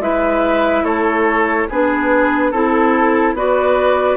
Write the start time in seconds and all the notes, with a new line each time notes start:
0.00 G#3 E4 B4 E5
0.84 A3 A4 C#5
1.70 B3 D4 G#4 B4
2.51 C4 E4 A4
3.34 B3 F#4 B4 D5